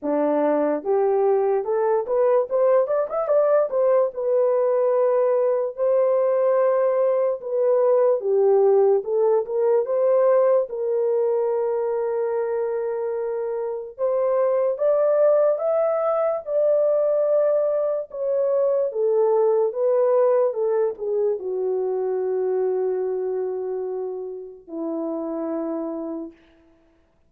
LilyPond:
\new Staff \with { instrumentName = "horn" } { \time 4/4 \tempo 4 = 73 d'4 g'4 a'8 b'8 c''8 d''16 e''16 | d''8 c''8 b'2 c''4~ | c''4 b'4 g'4 a'8 ais'8 | c''4 ais'2.~ |
ais'4 c''4 d''4 e''4 | d''2 cis''4 a'4 | b'4 a'8 gis'8 fis'2~ | fis'2 e'2 | }